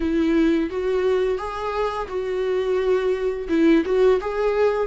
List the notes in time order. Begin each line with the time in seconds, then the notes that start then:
0.00 E4
0.70 F#4
1.38 G#4
2.08 F#4
3.49 E4
3.85 F#4
4.21 G#4